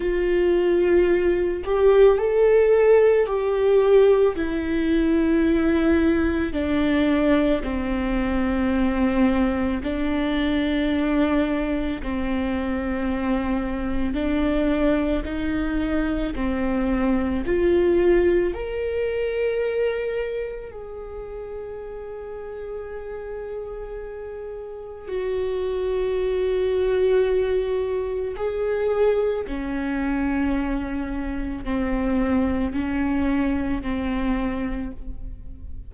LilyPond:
\new Staff \with { instrumentName = "viola" } { \time 4/4 \tempo 4 = 55 f'4. g'8 a'4 g'4 | e'2 d'4 c'4~ | c'4 d'2 c'4~ | c'4 d'4 dis'4 c'4 |
f'4 ais'2 gis'4~ | gis'2. fis'4~ | fis'2 gis'4 cis'4~ | cis'4 c'4 cis'4 c'4 | }